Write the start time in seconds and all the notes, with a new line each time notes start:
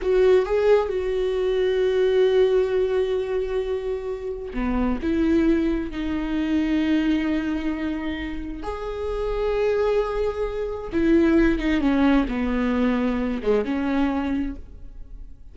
0.01 F#4
0.45 G#4
0.89 F#4
4.53 B3
5.02 E4
5.90 D#4
8.63 G#4
10.92 E4
11.58 D#4
11.80 C#4
12.28 B3
13.42 G#3
13.64 C#4